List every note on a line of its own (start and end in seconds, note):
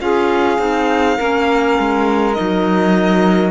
0.00 0.59 C#4
0.00 0.59 F4
0.00 1.17 G#4
0.00 2.33 F5
0.59 1.17 C4
0.59 1.17 D#4
1.17 1.79 A#3
1.17 2.35 C#4
1.17 3.51 A#4
1.79 2.37 G#3
2.33 3.51 D#4
2.33 3.51 D#5
2.40 3.51 F#3